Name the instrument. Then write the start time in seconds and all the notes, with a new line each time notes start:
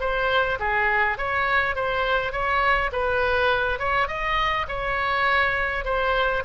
oboe
0.00 C5
0.59 G#4
1.17 C#5
1.75 C5
2.32 C#5
2.92 B4
3.79 C#5
4.08 D#5
4.68 C#5
5.84 C5